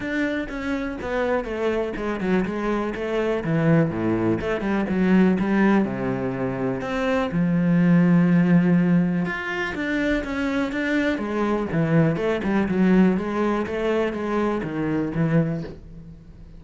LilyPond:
\new Staff \with { instrumentName = "cello" } { \time 4/4 \tempo 4 = 123 d'4 cis'4 b4 a4 | gis8 fis8 gis4 a4 e4 | a,4 a8 g8 fis4 g4 | c2 c'4 f4~ |
f2. f'4 | d'4 cis'4 d'4 gis4 | e4 a8 g8 fis4 gis4 | a4 gis4 dis4 e4 | }